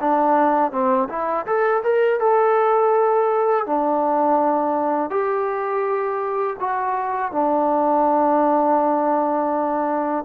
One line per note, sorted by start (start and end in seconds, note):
0.00 0.72 D4
0.72 1.08 C4
1.09 1.46 E4
1.46 1.83 A4
1.84 2.20 A#4
2.20 3.66 A4
3.66 5.10 D4
5.10 6.57 G4
6.60 7.32 F#4
7.32 10.24 D4